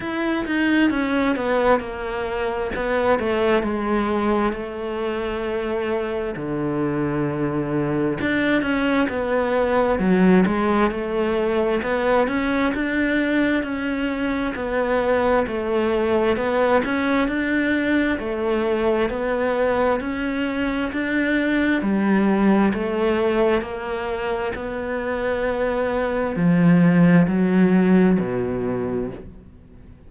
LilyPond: \new Staff \with { instrumentName = "cello" } { \time 4/4 \tempo 4 = 66 e'8 dis'8 cis'8 b8 ais4 b8 a8 | gis4 a2 d4~ | d4 d'8 cis'8 b4 fis8 gis8 | a4 b8 cis'8 d'4 cis'4 |
b4 a4 b8 cis'8 d'4 | a4 b4 cis'4 d'4 | g4 a4 ais4 b4~ | b4 f4 fis4 b,4 | }